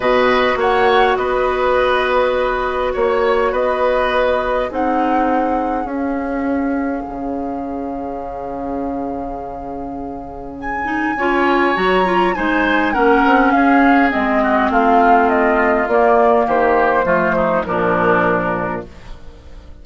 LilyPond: <<
  \new Staff \with { instrumentName = "flute" } { \time 4/4 \tempo 4 = 102 dis''4 fis''4 dis''2~ | dis''4 cis''4 dis''2 | fis''2 f''2~ | f''1~ |
f''2 gis''2 | ais''4 gis''4 fis''4 f''4 | dis''4 f''4 dis''4 d''4 | c''2 ais'2 | }
  \new Staff \with { instrumentName = "oboe" } { \time 4/4 b'4 cis''4 b'2~ | b'4 cis''4 b'2 | gis'1~ | gis'1~ |
gis'2. cis''4~ | cis''4 c''4 ais'4 gis'4~ | gis'8 fis'8 f'2. | g'4 f'8 dis'8 d'2 | }
  \new Staff \with { instrumentName = "clarinet" } { \time 4/4 fis'1~ | fis'1 | dis'2 cis'2~ | cis'1~ |
cis'2~ cis'8 dis'8 f'4 | fis'8 f'8 dis'4 cis'2 | c'2. ais4~ | ais4 a4 f2 | }
  \new Staff \with { instrumentName = "bassoon" } { \time 4/4 b,4 ais4 b2~ | b4 ais4 b2 | c'2 cis'2 | cis1~ |
cis2. cis'4 | fis4 gis4 ais8 c'8 cis'4 | gis4 a2 ais4 | dis4 f4 ais,2 | }
>>